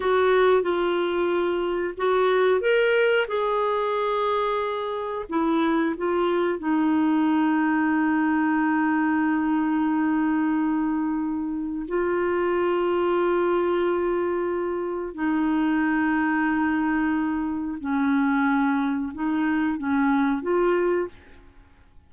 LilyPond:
\new Staff \with { instrumentName = "clarinet" } { \time 4/4 \tempo 4 = 91 fis'4 f'2 fis'4 | ais'4 gis'2. | e'4 f'4 dis'2~ | dis'1~ |
dis'2 f'2~ | f'2. dis'4~ | dis'2. cis'4~ | cis'4 dis'4 cis'4 f'4 | }